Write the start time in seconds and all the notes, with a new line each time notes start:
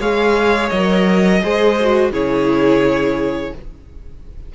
0.00 G#3 G#4 C#5 F5
0.70 F#3 A#4 D#5
1.42 G#3 G#4 C5
1.81 F#4
2.12 C#3 E4 G#4 C#5